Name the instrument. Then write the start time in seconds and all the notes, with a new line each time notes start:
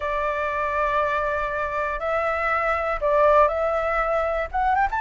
flute
0.00 D5
1.99 E5
3.00 D5
3.47 E5
4.51 F#5
4.75 G5
4.90 A5